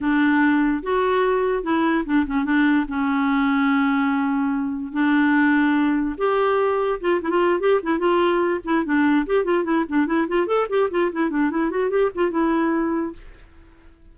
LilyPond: \new Staff \with { instrumentName = "clarinet" } { \time 4/4 \tempo 4 = 146 d'2 fis'2 | e'4 d'8 cis'8 d'4 cis'4~ | cis'1 | d'2. g'4~ |
g'4 f'8 e'16 f'8. g'8 e'8 f'8~ | f'4 e'8 d'4 g'8 f'8 e'8 | d'8 e'8 f'8 a'8 g'8 f'8 e'8 d'8 | e'8 fis'8 g'8 f'8 e'2 | }